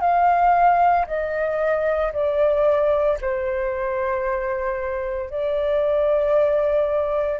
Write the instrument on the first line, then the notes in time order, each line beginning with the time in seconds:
flute
0.00 F5
1.07 D#5
2.12 D5
3.21 C5
5.30 D5